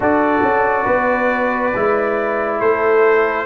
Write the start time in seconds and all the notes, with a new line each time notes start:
0.00 D4 F#4 A4 D5
0.42 C#4
0.84 B3 B4
1.75 G#3 E4
2.59 A3 A4 C5